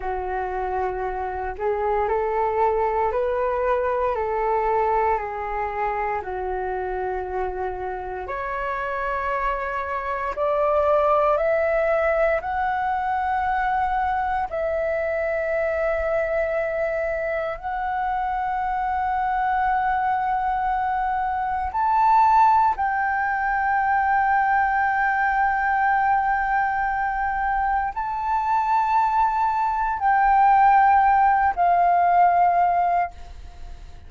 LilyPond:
\new Staff \with { instrumentName = "flute" } { \time 4/4 \tempo 4 = 58 fis'4. gis'8 a'4 b'4 | a'4 gis'4 fis'2 | cis''2 d''4 e''4 | fis''2 e''2~ |
e''4 fis''2.~ | fis''4 a''4 g''2~ | g''2. a''4~ | a''4 g''4. f''4. | }